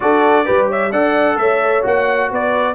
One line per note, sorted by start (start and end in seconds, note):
0.00 0.48 D4
0.00 0.45 F#4
0.00 0.45 A4
0.00 0.68 D5
0.45 0.91 G3
0.45 0.91 G4
0.45 0.67 B4
0.67 0.91 C#5
0.67 0.92 E5
0.91 1.37 D4
0.91 1.82 A4
0.91 1.38 D5
0.91 1.37 F#5
1.37 1.83 A3
1.37 2.30 C#5
1.37 1.83 E5
1.82 2.31 A#3
1.82 2.74 F#4
1.82 2.32 F#5
2.30 2.74 B3
2.30 2.74 B4
2.30 2.74 D5